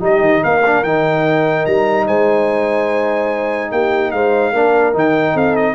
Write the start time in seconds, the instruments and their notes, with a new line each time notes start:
0.00 tuba G3, trombone D#4, horn G4, trumpet D#5
0.20 tuba D#3
0.43 tuba A#3, horn A#4, trumpet F5
0.66 trombone D4
0.83 tuba D#3, trombone D#4, trumpet G5
1.66 tuba G3, trumpet A#5
2.07 tuba G#3, horn C5, trumpet G#5
3.72 tuba A#3, horn G4, trumpet G5
4.11 tuba G#3, horn C5, trumpet F5
4.52 tuba A#3, trombone D4, horn A#4
4.93 tuba D#3, trombone D#4, trumpet G5
5.34 tuba C4, horn A4, trumpet F5
5.56 trumpet D#5